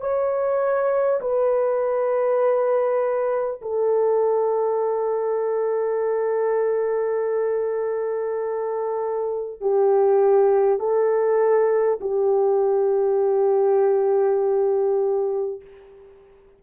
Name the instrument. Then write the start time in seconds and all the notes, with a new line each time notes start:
horn
0.00 C#5
1.20 B4
3.61 A4
9.60 G4
10.79 A4
12.01 G4